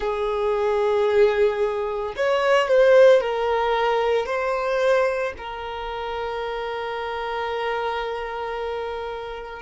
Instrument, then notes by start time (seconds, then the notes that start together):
violin
0.00 G#4
2.16 C#5
2.68 C5
3.20 A#4
4.26 C5
5.37 A#4